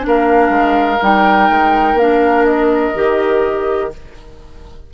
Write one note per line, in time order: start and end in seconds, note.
0.00 0.49 A#3
0.00 0.97 D4
0.07 3.94 A#4
0.07 1.02 F5
0.49 0.98 G#3
1.02 1.49 G3
1.02 1.99 D#4
1.02 1.98 G5
1.49 1.94 G#3
1.94 2.91 A#3
1.94 2.95 D4
1.94 2.45 F5
2.45 3.90 D#5
2.95 3.92 D#3
2.95 3.92 G4